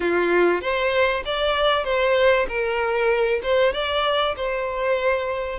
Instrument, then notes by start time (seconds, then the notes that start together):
violin
0.00 F4
0.61 C5
1.25 D5
1.84 C5
2.48 A#4
3.42 C5
3.73 D5
4.36 C5